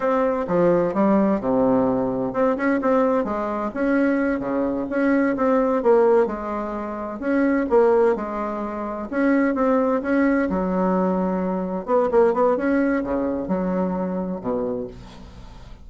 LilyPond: \new Staff \with { instrumentName = "bassoon" } { \time 4/4 \tempo 4 = 129 c'4 f4 g4 c4~ | c4 c'8 cis'8 c'4 gis4 | cis'4. cis4 cis'4 c'8~ | c'8 ais4 gis2 cis'8~ |
cis'8 ais4 gis2 cis'8~ | cis'8 c'4 cis'4 fis4.~ | fis4. b8 ais8 b8 cis'4 | cis4 fis2 b,4 | }